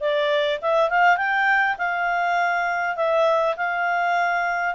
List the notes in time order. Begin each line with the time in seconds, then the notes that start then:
0.00 D5
0.61 E5
0.90 F5
1.17 G5
1.78 F5
2.96 E5
3.56 F5